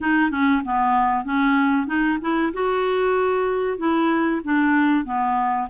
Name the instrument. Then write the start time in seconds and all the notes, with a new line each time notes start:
clarinet
0.00 D#4
0.30 C#4
0.64 B3
1.25 C#4
1.87 D#4
2.21 E4
2.53 F#4
3.78 E4
4.44 D4
5.04 B3